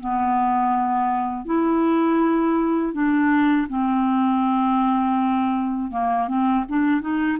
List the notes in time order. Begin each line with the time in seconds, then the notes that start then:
0.00 B3
1.45 E4
2.94 D4
3.69 C4
5.91 A#3
6.28 C4
6.69 D4
7.01 D#4